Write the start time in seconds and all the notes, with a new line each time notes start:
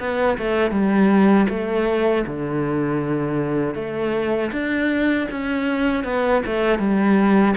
0.00 B3
0.38 A3
0.71 G3
1.49 A3
2.26 D3
3.75 A3
4.52 D4
5.31 C#4
6.04 B3
6.46 A3
6.79 G3